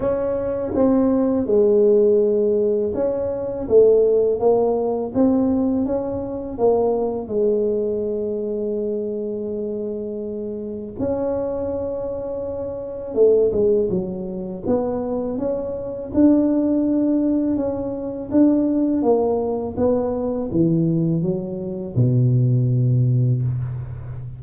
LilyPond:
\new Staff \with { instrumentName = "tuba" } { \time 4/4 \tempo 4 = 82 cis'4 c'4 gis2 | cis'4 a4 ais4 c'4 | cis'4 ais4 gis2~ | gis2. cis'4~ |
cis'2 a8 gis8 fis4 | b4 cis'4 d'2 | cis'4 d'4 ais4 b4 | e4 fis4 b,2 | }